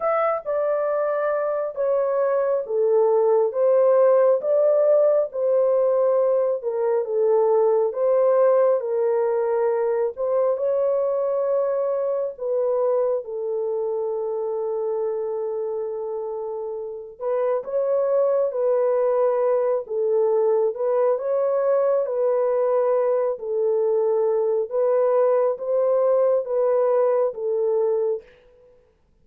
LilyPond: \new Staff \with { instrumentName = "horn" } { \time 4/4 \tempo 4 = 68 e''8 d''4. cis''4 a'4 | c''4 d''4 c''4. ais'8 | a'4 c''4 ais'4. c''8 | cis''2 b'4 a'4~ |
a'2.~ a'8 b'8 | cis''4 b'4. a'4 b'8 | cis''4 b'4. a'4. | b'4 c''4 b'4 a'4 | }